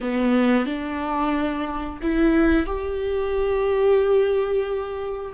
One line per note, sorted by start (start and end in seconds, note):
0.01 0.66 B3
0.66 1.99 D4
2.02 2.66 E4
2.66 5.32 G4